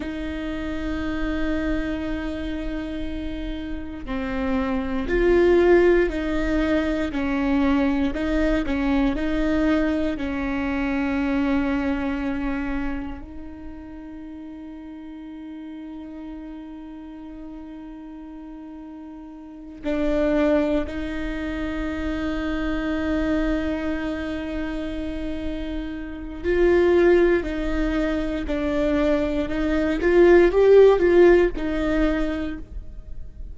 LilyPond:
\new Staff \with { instrumentName = "viola" } { \time 4/4 \tempo 4 = 59 dis'1 | c'4 f'4 dis'4 cis'4 | dis'8 cis'8 dis'4 cis'2~ | cis'4 dis'2.~ |
dis'2.~ dis'8 d'8~ | d'8 dis'2.~ dis'8~ | dis'2 f'4 dis'4 | d'4 dis'8 f'8 g'8 f'8 dis'4 | }